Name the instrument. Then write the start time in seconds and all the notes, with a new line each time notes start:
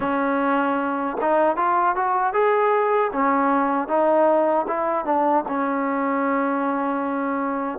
trombone
0.00 C#4
1.21 D#4
1.56 F4
1.95 F#4
2.33 G#4
3.12 C#4
3.87 D#4
4.68 E4
5.05 D4
5.48 C#4